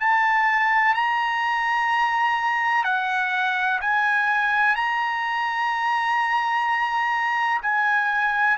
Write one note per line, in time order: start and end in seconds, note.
0.00 0.94 A5
0.94 2.84 A#5
2.84 3.80 F#5
3.81 4.75 G#5
4.75 7.61 A#5
7.62 8.57 G#5